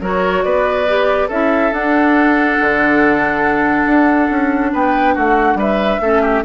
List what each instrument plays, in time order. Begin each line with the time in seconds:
0.00 bassoon F#3, clarinet F#4, oboe A#4, flute C#5
0.42 bassoon B3, oboe B4, flute D5
0.87 clarinet G4
1.28 bassoon C#4, clarinet E4, oboe A4, flute E5
1.72 bassoon D4, clarinet D4, flute F#5
2.60 bassoon D3
3.86 bassoon D4
4.30 bassoon C#4
4.73 bassoon B3, oboe B4, flute G5
5.14 bassoon A3, oboe F#4, flute F#5
5.55 bassoon G3, oboe B4, flute E5
6.00 bassoon A3, clarinet C#4, oboe A4
6.22 oboe G4